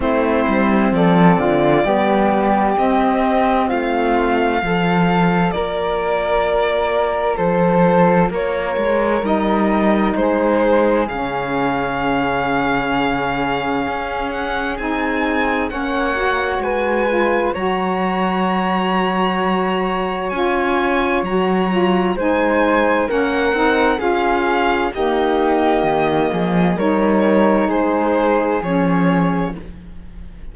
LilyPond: <<
  \new Staff \with { instrumentName = "violin" } { \time 4/4 \tempo 4 = 65 c''4 d''2 dis''4 | f''2 d''2 | c''4 cis''4 dis''4 c''4 | f''2.~ f''8 fis''8 |
gis''4 fis''4 gis''4 ais''4~ | ais''2 gis''4 ais''4 | gis''4 fis''4 f''4 dis''4~ | dis''4 cis''4 c''4 cis''4 | }
  \new Staff \with { instrumentName = "flute" } { \time 4/4 e'4 a'8 f'8 g'2 | f'4 a'4 ais'2 | a'4 ais'2 gis'4~ | gis'1~ |
gis'4 cis''4 b'4 cis''4~ | cis''1 | c''4 ais'4 gis'4 g'4~ | g'8 gis'8 ais'4 gis'2 | }
  \new Staff \with { instrumentName = "saxophone" } { \time 4/4 c'2 b4 c'4~ | c'4 f'2.~ | f'2 dis'2 | cis'1 |
dis'4 cis'8 fis'4 f'8 fis'4~ | fis'2 f'4 fis'8 f'8 | dis'4 cis'8 dis'8 f'4 ais4~ | ais4 dis'2 cis'4 | }
  \new Staff \with { instrumentName = "cello" } { \time 4/4 a8 g8 f8 d8 g4 c'4 | a4 f4 ais2 | f4 ais8 gis8 g4 gis4 | cis2. cis'4 |
c'4 ais4 gis4 fis4~ | fis2 cis'4 fis4 | gis4 ais8 c'8 cis'4 dis'4 | dis8 f8 g4 gis4 f4 | }
>>